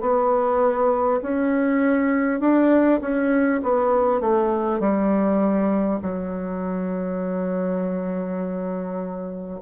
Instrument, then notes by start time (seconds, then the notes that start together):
bassoon
0.00 B3
1.22 C#4
2.40 D4
3.01 C#4
3.63 B3
4.21 A3
4.79 G3
6.02 F#3